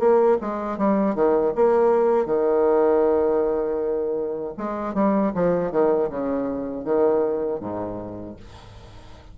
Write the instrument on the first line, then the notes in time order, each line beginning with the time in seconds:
bassoon
0.00 A#3
0.41 G#3
0.78 G3
1.15 D#3
1.56 A#3
2.26 D#3
4.58 G#3
4.95 G3
5.35 F3
5.72 D#3
6.10 C#3
6.85 D#3
7.61 G#2